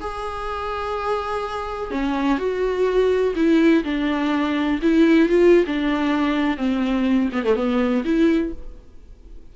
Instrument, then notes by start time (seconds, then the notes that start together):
viola
0.00 G#4
1.90 C#4
2.38 F#4
3.35 E4
3.84 D4
4.82 E4
5.28 F4
5.66 D4
6.57 C4
7.32 B3
7.44 A3
7.55 B3
8.04 E4